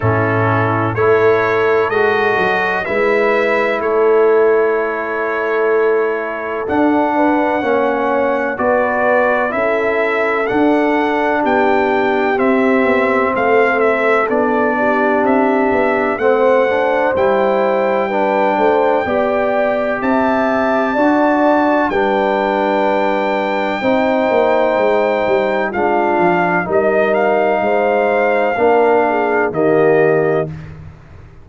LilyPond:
<<
  \new Staff \with { instrumentName = "trumpet" } { \time 4/4 \tempo 4 = 63 a'4 cis''4 dis''4 e''4 | cis''2. fis''4~ | fis''4 d''4 e''4 fis''4 | g''4 e''4 f''8 e''8 d''4 |
e''4 fis''4 g''2~ | g''4 a''2 g''4~ | g''2. f''4 | dis''8 f''2~ f''8 dis''4 | }
  \new Staff \with { instrumentName = "horn" } { \time 4/4 e'4 a'2 b'4 | a'2.~ a'8 b'8 | cis''4 b'4 a'2 | g'2 a'4. g'8~ |
g'4 c''2 b'8 c''8 | d''4 e''4 d''4 b'4~ | b'4 c''2 f'4 | ais'4 c''4 ais'8 gis'8 g'4 | }
  \new Staff \with { instrumentName = "trombone" } { \time 4/4 cis'4 e'4 fis'4 e'4~ | e'2. d'4 | cis'4 fis'4 e'4 d'4~ | d'4 c'2 d'4~ |
d'4 c'8 d'8 e'4 d'4 | g'2 fis'4 d'4~ | d'4 dis'2 d'4 | dis'2 d'4 ais4 | }
  \new Staff \with { instrumentName = "tuba" } { \time 4/4 a,4 a4 gis8 fis8 gis4 | a2. d'4 | ais4 b4 cis'4 d'4 | b4 c'8 b8 a4 b4 |
c'8 b8 a4 g4. a8 | b4 c'4 d'4 g4~ | g4 c'8 ais8 gis8 g8 gis8 f8 | g4 gis4 ais4 dis4 | }
>>